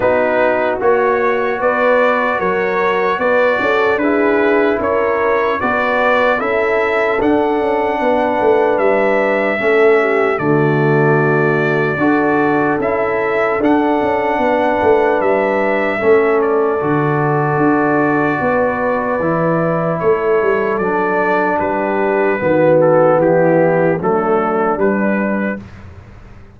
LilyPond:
<<
  \new Staff \with { instrumentName = "trumpet" } { \time 4/4 \tempo 4 = 75 b'4 cis''4 d''4 cis''4 | d''4 b'4 cis''4 d''4 | e''4 fis''2 e''4~ | e''4 d''2. |
e''4 fis''2 e''4~ | e''8 d''2.~ d''8~ | d''4 cis''4 d''4 b'4~ | b'8 a'8 g'4 a'4 b'4 | }
  \new Staff \with { instrumentName = "horn" } { \time 4/4 fis'2 b'4 ais'4 | b'8 a'8 gis'4 ais'4 b'4 | a'2 b'2 | a'8 g'8 fis'2 a'4~ |
a'2 b'2 | a'2. b'4~ | b'4 a'2 g'4 | fis'4 e'4 d'2 | }
  \new Staff \with { instrumentName = "trombone" } { \time 4/4 dis'4 fis'2.~ | fis'4 e'2 fis'4 | e'4 d'2. | cis'4 a2 fis'4 |
e'4 d'2. | cis'4 fis'2. | e'2 d'2 | b2 a4 g4 | }
  \new Staff \with { instrumentName = "tuba" } { \time 4/4 b4 ais4 b4 fis4 | b8 cis'8 d'4 cis'4 b4 | cis'4 d'8 cis'8 b8 a8 g4 | a4 d2 d'4 |
cis'4 d'8 cis'8 b8 a8 g4 | a4 d4 d'4 b4 | e4 a8 g8 fis4 g4 | dis4 e4 fis4 g4 | }
>>